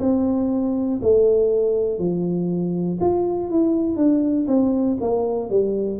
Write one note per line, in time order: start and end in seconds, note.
0.00 1.00 C4
1.02 1.99 A3
1.99 2.99 F3
3.00 3.50 F4
3.50 3.96 E4
3.96 4.46 D4
4.48 4.98 C4
5.00 5.50 A#3
5.50 6.00 G3